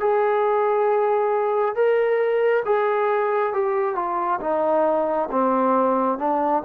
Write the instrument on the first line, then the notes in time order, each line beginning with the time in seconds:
trombone
0.00 G#4
1.75 A#4
2.65 G#4
3.53 G4
3.95 F4
4.40 D#4
5.31 C4
6.18 D4